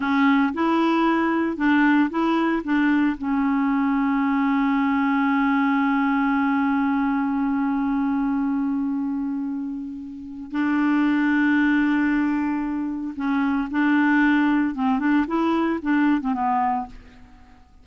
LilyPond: \new Staff \with { instrumentName = "clarinet" } { \time 4/4 \tempo 4 = 114 cis'4 e'2 d'4 | e'4 d'4 cis'2~ | cis'1~ | cis'1~ |
cis'1 | d'1~ | d'4 cis'4 d'2 | c'8 d'8 e'4 d'8. c'16 b4 | }